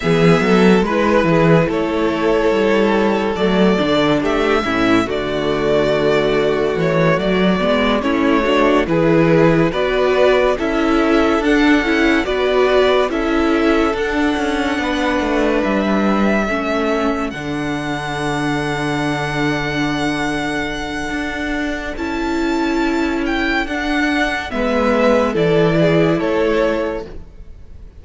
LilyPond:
<<
  \new Staff \with { instrumentName = "violin" } { \time 4/4 \tempo 4 = 71 e''4 b'4 cis''2 | d''4 e''4 d''2 | cis''8 d''4 cis''4 b'4 d''8~ | d''8 e''4 fis''4 d''4 e''8~ |
e''8 fis''2 e''4.~ | e''8 fis''2.~ fis''8~ | fis''2 a''4. g''8 | fis''4 e''4 d''4 cis''4 | }
  \new Staff \with { instrumentName = "violin" } { \time 4/4 gis'8 a'8 b'8 gis'8 a'2~ | a'4 g'8 e'8 fis'2~ | fis'4. e'8 fis'8 gis'4 b'8~ | b'8 a'2 b'4 a'8~ |
a'4. b'2 a'8~ | a'1~ | a'1~ | a'4 b'4 a'8 gis'8 a'4 | }
  \new Staff \with { instrumentName = "viola" } { \time 4/4 b4 e'2. | a8 d'4 cis'8 a2~ | a4 b8 cis'8 d'8 e'4 fis'8~ | fis'8 e'4 d'8 e'8 fis'4 e'8~ |
e'8 d'2. cis'8~ | cis'8 d'2.~ d'8~ | d'2 e'2 | d'4 b4 e'2 | }
  \new Staff \with { instrumentName = "cello" } { \time 4/4 e8 fis8 gis8 e8 a4 g4 | fis8 d8 a8 a,8 d2 | e8 fis8 gis8 a4 e4 b8~ | b8 cis'4 d'8 cis'8 b4 cis'8~ |
cis'8 d'8 cis'8 b8 a8 g4 a8~ | a8 d2.~ d8~ | d4 d'4 cis'2 | d'4 gis4 e4 a4 | }
>>